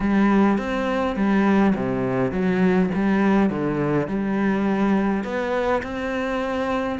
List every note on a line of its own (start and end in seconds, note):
0.00 0.57 G3
0.58 1.15 C4
1.15 1.74 G3
1.75 2.31 C3
2.31 2.89 F#3
2.94 3.50 G3
3.50 4.07 D3
4.07 5.23 G3
5.23 5.82 B3
5.82 6.99 C4